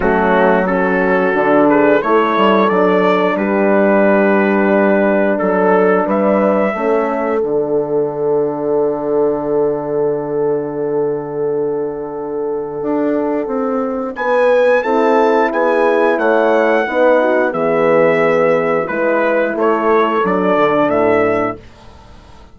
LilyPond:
<<
  \new Staff \with { instrumentName = "trumpet" } { \time 4/4 \tempo 4 = 89 fis'4 a'4. b'8 cis''4 | d''4 b'2. | a'4 e''2 fis''4~ | fis''1~ |
fis''1~ | fis''4 gis''4 a''4 gis''4 | fis''2 e''2 | b'4 cis''4 d''4 e''4 | }
  \new Staff \with { instrumentName = "horn" } { \time 4/4 cis'4 fis'4. gis'8 a'4~ | a'4 g'2. | a'4 b'4 a'2~ | a'1~ |
a'1~ | a'4 b'4 a'4 gis'4 | cis''4 b'8 fis'8 gis'2 | b'4 a'2. | }
  \new Staff \with { instrumentName = "horn" } { \time 4/4 a4 cis'4 d'4 e'4 | d'1~ | d'2 cis'4 d'4~ | d'1~ |
d'1~ | d'2 e'2~ | e'4 dis'4 b2 | e'2 d'2 | }
  \new Staff \with { instrumentName = "bassoon" } { \time 4/4 fis2 d4 a8 g8 | fis4 g2. | fis4 g4 a4 d4~ | d1~ |
d2. d'4 | c'4 b4 c'4 b4 | a4 b4 e2 | gis4 a4 fis8 d8 a,4 | }
>>